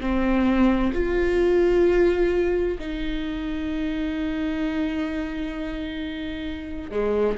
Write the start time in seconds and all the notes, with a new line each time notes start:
0.00 C4
0.94 F4
2.79 D#4
6.91 G#3